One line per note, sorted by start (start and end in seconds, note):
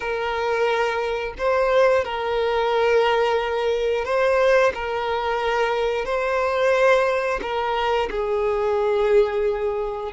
0.00 1.34 A#4
1.38 2.04 C5
2.04 4.04 A#4
4.04 4.72 C5
4.74 6.05 A#4
6.05 7.39 C5
7.42 8.09 A#4
8.10 10.12 G#4